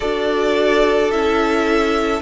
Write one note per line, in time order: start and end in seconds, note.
0.00 1.13 D4
0.00 1.12 F#4
0.00 2.21 A4
0.00 1.11 D5
1.11 2.21 C#4
1.11 2.21 E4
1.11 2.21 E5